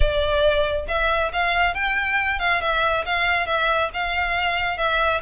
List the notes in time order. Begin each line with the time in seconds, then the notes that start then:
0.00 D5
0.88 E5
1.32 F5
1.74 G5
2.39 F5
2.61 E5
3.05 F5
3.46 E5
3.93 F5
4.77 E5